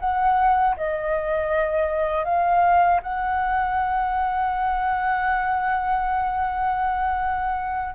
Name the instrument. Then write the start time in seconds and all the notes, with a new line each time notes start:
flute
0.00 F#5
0.77 D#5
2.25 F5
3.03 F#5